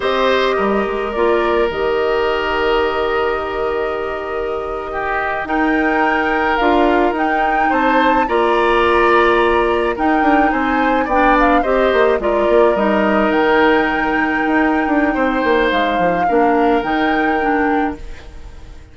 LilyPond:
<<
  \new Staff \with { instrumentName = "flute" } { \time 4/4 \tempo 4 = 107 dis''2 d''4 dis''4~ | dis''1~ | dis''4.~ dis''16 g''2 f''16~ | f''8. g''4 a''4 ais''4~ ais''16~ |
ais''4.~ ais''16 g''4 gis''4 g''16~ | g''16 f''8 dis''4 d''4 dis''4 g''16~ | g''1 | f''2 g''2 | }
  \new Staff \with { instrumentName = "oboe" } { \time 4/4 c''4 ais'2.~ | ais'1~ | ais'8. g'4 ais'2~ ais'16~ | ais'4.~ ais'16 c''4 d''4~ d''16~ |
d''4.~ d''16 ais'4 c''4 d''16~ | d''8. c''4 ais'2~ ais'16~ | ais'2. c''4~ | c''4 ais'2. | }
  \new Staff \with { instrumentName = "clarinet" } { \time 4/4 g'2 f'4 g'4~ | g'1~ | g'4.~ g'16 dis'2 f'16~ | f'8. dis'2 f'4~ f'16~ |
f'4.~ f'16 dis'2 d'16~ | d'8. g'4 f'4 dis'4~ dis'16~ | dis'1~ | dis'4 d'4 dis'4 d'4 | }
  \new Staff \with { instrumentName = "bassoon" } { \time 4/4 c'4 g8 gis8 ais4 dis4~ | dis1~ | dis4.~ dis16 dis'2 d'16~ | d'8. dis'4 c'4 ais4~ ais16~ |
ais4.~ ais16 dis'8 d'8 c'4 b16~ | b8. c'8 ais8 gis8 ais8 g4 dis16~ | dis4.~ dis16 dis'8. d'8 c'8 ais8 | gis8 f8 ais4 dis2 | }
>>